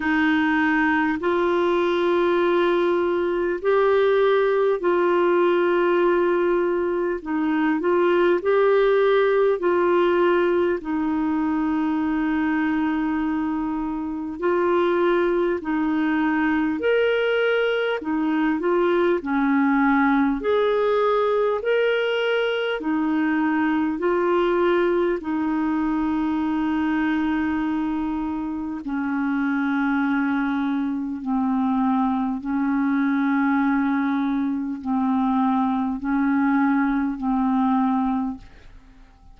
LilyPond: \new Staff \with { instrumentName = "clarinet" } { \time 4/4 \tempo 4 = 50 dis'4 f'2 g'4 | f'2 dis'8 f'8 g'4 | f'4 dis'2. | f'4 dis'4 ais'4 dis'8 f'8 |
cis'4 gis'4 ais'4 dis'4 | f'4 dis'2. | cis'2 c'4 cis'4~ | cis'4 c'4 cis'4 c'4 | }